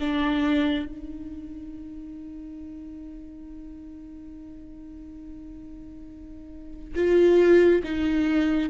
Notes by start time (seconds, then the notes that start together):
0.00 D4
0.86 D#4
6.96 F4
7.84 D#4